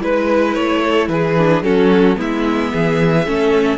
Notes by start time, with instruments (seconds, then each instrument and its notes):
0.00 cello G#3, viola E4, violin B4
0.54 cello A3, violin C#5
0.82 violin A4
1.08 cello E3, violin G#4 B4
1.38 viola D4
1.62 cello F#3, viola C#4, violin F#4 A4
2.16 cello G#3, viola B3, violin E4 E5
2.72 cello E3, violin G#4
3.25 cello A3, viola C#4, violin A4